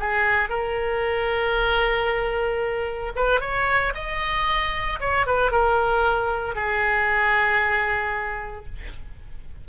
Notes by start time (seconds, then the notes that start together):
0.00 G#4
0.50 A#4
3.16 B4
3.41 C#5
3.95 D#5
5.00 C#5
5.27 B4
5.52 A#4
6.56 G#4